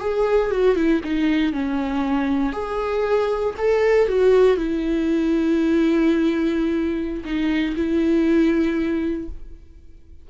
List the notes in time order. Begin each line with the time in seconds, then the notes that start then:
0.00 G#4
0.51 F#4
0.76 E4
1.04 D#4
1.53 C#4
2.53 G#4
3.58 A4
4.08 F#4
4.57 E4
7.25 D#4
7.76 E4